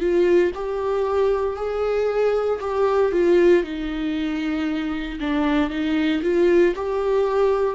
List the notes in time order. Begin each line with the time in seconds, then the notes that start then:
0.00 F4
0.55 G4
1.57 G#4
2.61 G4
3.12 F4
3.64 D#4
5.20 D4
5.70 D#4
6.23 F4
6.76 G4